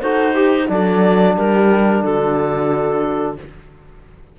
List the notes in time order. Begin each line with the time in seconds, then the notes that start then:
0.00 D#4 F#4 A4 C5
0.33 G4
0.67 F#3 D4 A4 D5
1.34 G3 G4 A#4
2.02 D3 F#4 A4